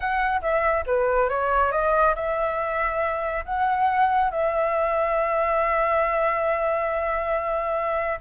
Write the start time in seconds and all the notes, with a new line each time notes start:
0.00 F#5
0.41 E5
0.86 B4
1.29 C#5
1.71 D#5
2.15 E5
3.45 F#5
4.30 E5